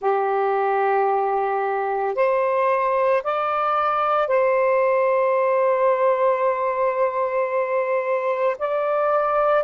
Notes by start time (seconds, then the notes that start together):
0.01 G4
2.15 C5
3.23 D5
4.27 C5
8.59 D5